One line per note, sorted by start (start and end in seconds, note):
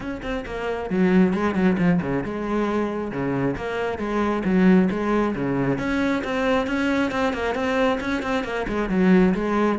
0.00 0.21 C#4
0.22 0.44 C4
0.45 0.89 A#3
0.89 1.33 F#3
1.33 1.54 G#3
1.54 1.77 F#3
1.77 2.00 F3
2.01 2.23 C#3
2.23 3.11 G#3
3.11 3.55 C#3
3.56 3.98 A#3
3.98 4.43 G#3
4.44 4.89 F#3
4.90 5.34 G#3
5.35 5.78 C#3
5.78 6.22 C#4
6.24 6.66 C4
6.66 7.11 C#4
7.11 7.33 C4
7.33 7.54 A#3
7.54 7.99 C4
8.00 8.22 C#4
8.22 8.44 C4
8.44 8.66 A#3
8.68 8.89 G#3
8.89 9.33 F#3
9.34 9.78 G#3